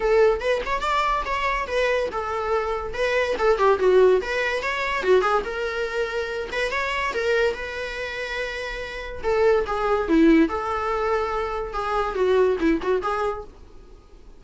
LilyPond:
\new Staff \with { instrumentName = "viola" } { \time 4/4 \tempo 4 = 143 a'4 b'8 cis''8 d''4 cis''4 | b'4 a'2 b'4 | a'8 g'8 fis'4 b'4 cis''4 | fis'8 gis'8 ais'2~ ais'8 b'8 |
cis''4 ais'4 b'2~ | b'2 a'4 gis'4 | e'4 a'2. | gis'4 fis'4 e'8 fis'8 gis'4 | }